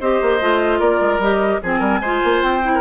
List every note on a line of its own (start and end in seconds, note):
0.00 0.21 C4
0.00 0.40 G4
0.00 0.79 C5
0.00 0.80 D#5
0.21 0.41 A#3
0.40 0.80 A3
0.40 1.21 F4
0.79 1.00 A#3
0.79 1.60 A#4
0.79 1.21 D5
1.00 1.18 G#3
1.18 1.59 G3
1.18 1.62 G4
1.18 1.62 D#5
1.63 1.80 F3
1.63 2.04 C4
1.63 1.79 G#4
1.63 2.43 G#5
1.79 2.01 G3
1.79 1.99 A#4
2.01 2.21 G#3
2.01 2.62 F4
2.01 2.72 C5
2.24 2.42 A#3
2.42 2.81 C4
2.42 2.81 G5
2.62 2.81 E4
2.75 2.81 A#4